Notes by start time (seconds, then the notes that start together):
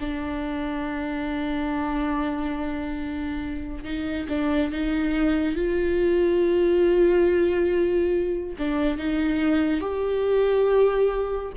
0.00 D4
3.84 D#4
4.29 D4
4.71 D#4
5.55 F4
8.58 D4
8.97 D#4
9.80 G4